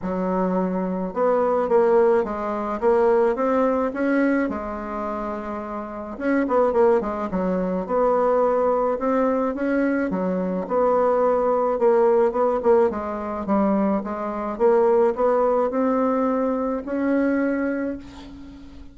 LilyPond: \new Staff \with { instrumentName = "bassoon" } { \time 4/4 \tempo 4 = 107 fis2 b4 ais4 | gis4 ais4 c'4 cis'4 | gis2. cis'8 b8 | ais8 gis8 fis4 b2 |
c'4 cis'4 fis4 b4~ | b4 ais4 b8 ais8 gis4 | g4 gis4 ais4 b4 | c'2 cis'2 | }